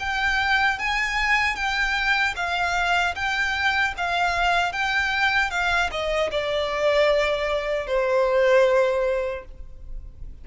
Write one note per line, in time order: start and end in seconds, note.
0.00 0.79 G5
0.79 1.56 G#5
1.56 2.35 G5
2.36 3.15 F5
3.15 3.94 G5
3.97 4.73 F5
4.73 5.51 G5
5.51 5.90 F5
5.91 6.31 D#5
6.31 7.87 D5
7.87 9.45 C5